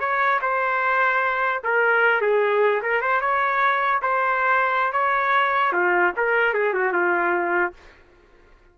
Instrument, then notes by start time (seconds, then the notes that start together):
trumpet
0.00 C#5
0.42 C5
1.64 A#4
2.22 G#4
2.83 A#4
3.02 C5
3.21 C#5
4.02 C5
4.93 C#5
5.73 F4
6.17 A#4
6.54 G#4
6.74 F#4
6.93 F4